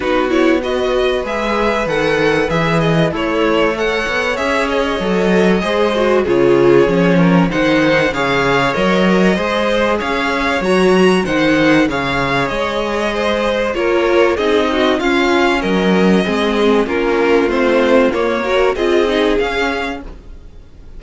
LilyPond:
<<
  \new Staff \with { instrumentName = "violin" } { \time 4/4 \tempo 4 = 96 b'8 cis''8 dis''4 e''4 fis''4 | e''8 dis''8 cis''4 fis''4 e''8 dis''8~ | dis''2 cis''2 | fis''4 f''4 dis''2 |
f''4 ais''4 fis''4 f''4 | dis''2 cis''4 dis''4 | f''4 dis''2 ais'4 | c''4 cis''4 dis''4 f''4 | }
  \new Staff \with { instrumentName = "violin" } { \time 4/4 fis'4 b'2.~ | b'4 e'4 cis''2~ | cis''4 c''4 gis'4. ais'8 | c''4 cis''2 c''4 |
cis''2 c''4 cis''4~ | cis''4 c''4 ais'4 gis'8 fis'8 | f'4 ais'4 gis'4 f'4~ | f'4. ais'8 gis'2 | }
  \new Staff \with { instrumentName = "viola" } { \time 4/4 dis'8 e'8 fis'4 gis'4 a'4 | gis'4 a'2 gis'4 | a'4 gis'8 fis'8 f'4 cis'4 | dis'4 gis'4 ais'4 gis'4~ |
gis'4 fis'4 dis'4 gis'4~ | gis'2 f'4 dis'4 | cis'2 c'4 cis'4 | c'4 ais8 fis'8 f'8 dis'8 cis'4 | }
  \new Staff \with { instrumentName = "cello" } { \time 4/4 b2 gis4 dis4 | e4 a4. b8 cis'4 | fis4 gis4 cis4 f4 | dis4 cis4 fis4 gis4 |
cis'4 fis4 dis4 cis4 | gis2 ais4 c'4 | cis'4 fis4 gis4 ais4 | a4 ais4 c'4 cis'4 | }
>>